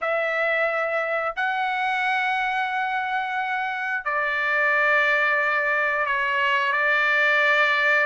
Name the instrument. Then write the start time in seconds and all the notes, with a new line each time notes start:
trumpet
0.01 E5
1.35 F#5
4.04 D5
6.06 C#5
6.72 D5